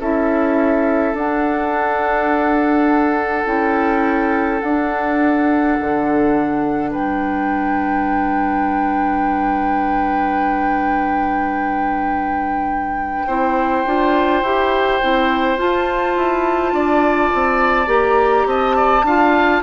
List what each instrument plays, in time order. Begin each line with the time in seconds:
0.00 bassoon C#4, clarinet E4, oboe A4, flute E5
1.14 bassoon D4, clarinet D4, flute F#5
3.45 bassoon C#4, clarinet E4, flute G5
4.61 bassoon D4, clarinet D4, flute F#5
5.81 bassoon D3
6.91 bassoon G3, oboe B4, flute G5
13.27 bassoon C4, clarinet E4, oboe C5
13.86 bassoon D4, clarinet F4
14.43 bassoon E4, clarinet G4
15.02 bassoon C4, clarinet E4
15.58 clarinet F4, bassoon F4, flute A5
16.17 bassoon E4
16.73 bassoon D4, oboe D5
17.34 bassoon C4
17.87 bassoon A#3, clarinet G4, flute A#5
18.46 bassoon C4, oboe D#5, flute A5
18.77 oboe D5
19.04 bassoon D4, clarinet F4, oboe F5